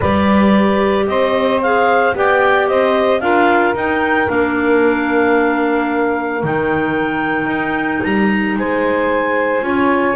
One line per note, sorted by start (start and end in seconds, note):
0.00 1.06 G3
0.00 1.62 G4
0.00 1.05 B4
0.00 1.07 D5
1.06 2.13 C4
1.06 2.16 C5
1.06 1.61 D#5
1.62 2.14 G#4
1.62 2.15 F5
2.14 2.68 B3
2.14 3.21 G4
2.14 2.69 D5
2.14 2.68 G5
2.68 3.20 C4
2.68 3.21 C5
2.68 3.20 D#5
3.20 3.74 D4
3.20 3.74 F4
3.20 8.57 A#4
3.20 3.74 F5
3.74 4.27 D#4
3.74 4.29 G5
4.27 6.43 A#3
4.27 6.41 D4
4.27 6.43 F5
6.43 7.46 D#3
6.43 9.61 D#4
6.43 8.03 G5
7.46 8.00 D#4
8.03 8.56 G3
8.03 8.57 A#5
8.56 9.61 G#3
8.56 9.66 C5
8.56 10.16 G#5
9.61 10.15 C#4
9.61 10.15 F4
9.61 10.16 C#5